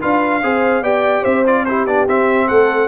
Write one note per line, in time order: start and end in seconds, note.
0.00 0.43 D4
0.00 0.42 F4
0.00 0.41 B4
0.00 0.83 F5
0.43 0.81 C4
0.43 0.83 G#4
0.43 0.83 C5
0.81 1.23 B3
0.81 1.45 G4
0.81 1.22 D5
0.81 1.24 G5
1.22 1.86 C4
1.22 1.63 C5
1.22 1.45 E5
1.46 1.67 F4
1.46 1.65 D5
1.65 1.87 E4
1.65 2.47 G4
1.65 1.85 C5
1.86 2.07 B3
1.86 2.08 D4
1.86 2.07 D5
2.07 2.48 C4
2.07 2.88 C4
2.07 2.48 E5
2.47 2.88 A3
2.47 2.88 A4
2.47 2.88 F#5